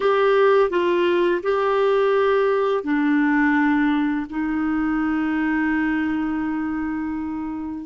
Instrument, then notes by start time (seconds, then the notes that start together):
clarinet
0.00 G4
0.70 F4
1.42 G4
2.83 D4
4.29 D#4